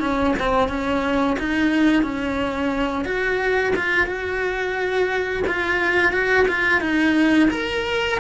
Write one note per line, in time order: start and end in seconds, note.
0.00 0.34 C#4
0.39 0.69 C4
0.69 1.37 C#4
1.39 2.03 D#4
2.03 3.05 C#4
3.05 3.73 F#4
3.76 4.07 F4
4.07 5.43 F#4
5.47 6.13 F4
6.13 6.47 F#4
6.48 6.81 F4
6.81 7.49 D#4
7.50 8.18 A#4